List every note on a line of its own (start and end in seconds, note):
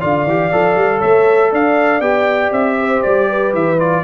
0.00 0.25 D3
0.00 0.25 F4
0.00 0.98 D5
0.00 1.01 F5
0.25 0.50 E3
0.25 0.52 G4
0.52 0.76 F3
0.52 2.01 A4
0.76 1.01 G3
0.98 1.52 A3
0.98 1.49 C#5
0.98 1.51 E5
1.51 2.00 D4
1.51 2.77 D5
1.51 2.01 F5
2.00 2.51 B3
2.00 3.77 G4
2.00 2.51 G5
2.51 3.01 C4
2.51 3.02 E5
2.80 3.28 C5
3.02 3.53 G3
3.02 3.52 D5
3.28 4.03 B4
3.53 4.04 E3
3.53 3.79 E5
3.79 4.04 F4
3.79 4.04 D5